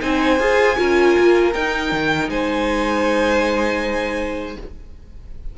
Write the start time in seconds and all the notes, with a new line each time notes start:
0.00 C4 D#4 C5 G#5
0.40 F4 G#4
0.76 C#4 F4 A#4
1.18 A#3
1.53 D#4 G5
1.92 D#3
2.29 G#3 C5 G#5